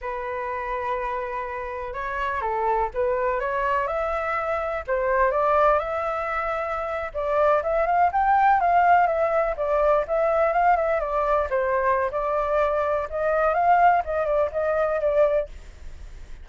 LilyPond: \new Staff \with { instrumentName = "flute" } { \time 4/4 \tempo 4 = 124 b'1 | cis''4 a'4 b'4 cis''4 | e''2 c''4 d''4 | e''2~ e''8. d''4 e''16~ |
e''16 f''8 g''4 f''4 e''4 d''16~ | d''8. e''4 f''8 e''8 d''4 c''16~ | c''4 d''2 dis''4 | f''4 dis''8 d''8 dis''4 d''4 | }